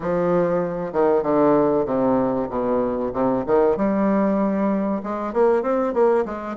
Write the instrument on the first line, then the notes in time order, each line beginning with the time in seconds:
bassoon
0.00 F3
0.92 D#3
1.22 D3
1.85 C3
2.49 B2
3.13 C3
3.46 D#3
3.76 G3
5.03 G#3
5.33 A#3
5.62 C4
5.93 A#3
6.25 G#3